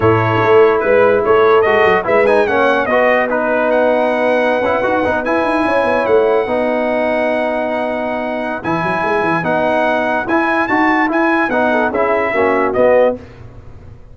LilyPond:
<<
  \new Staff \with { instrumentName = "trumpet" } { \time 4/4 \tempo 4 = 146 cis''2 b'4 cis''4 | dis''4 e''8 gis''8 fis''4 dis''4 | b'4 fis''2.~ | fis''8. gis''2 fis''4~ fis''16~ |
fis''1~ | fis''4 gis''2 fis''4~ | fis''4 gis''4 a''4 gis''4 | fis''4 e''2 dis''4 | }
  \new Staff \with { instrumentName = "horn" } { \time 4/4 a'2 b'4 a'4~ | a'4 b'4 cis''4 b'4~ | b'1~ | b'4.~ b'16 cis''2 b'16~ |
b'1~ | b'1~ | b'1~ | b'8 a'8 gis'4 fis'2 | }
  \new Staff \with { instrumentName = "trombone" } { \time 4/4 e'1 | fis'4 e'8 dis'8 cis'4 fis'4 | dis'2.~ dis'16 e'8 fis'16~ | fis'16 dis'8 e'2. dis'16~ |
dis'1~ | dis'4 e'2 dis'4~ | dis'4 e'4 fis'4 e'4 | dis'4 e'4 cis'4 b4 | }
  \new Staff \with { instrumentName = "tuba" } { \time 4/4 a,4 a4 gis4 a4 | gis8 fis8 gis4 ais4 b4~ | b2.~ b16 cis'8 dis'16~ | dis'16 b8 e'8 dis'8 cis'8 b8 a4 b16~ |
b1~ | b4 e8 fis8 gis8 e8 b4~ | b4 e'4 dis'4 e'4 | b4 cis'4 ais4 b4 | }
>>